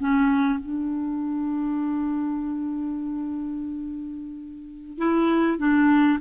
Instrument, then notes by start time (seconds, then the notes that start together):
clarinet
0.00 C#4
0.60 D4
4.98 E4
5.59 D4